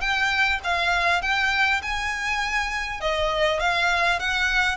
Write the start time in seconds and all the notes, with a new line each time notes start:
0.00 G5
0.63 F5
1.21 G5
1.82 G#5
3.00 D#5
3.59 F5
4.19 F#5